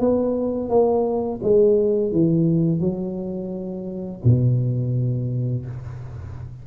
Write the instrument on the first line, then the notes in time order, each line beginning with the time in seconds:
tuba
0.00 B3
0.70 A#3
1.43 G#3
2.12 E3
2.80 F#3
4.25 B2